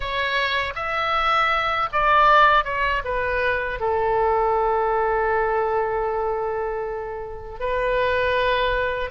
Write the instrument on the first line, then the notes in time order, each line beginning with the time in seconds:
oboe
0.00 C#5
0.75 E5
1.92 D5
2.64 C#5
3.04 B4
3.79 A4
7.59 B4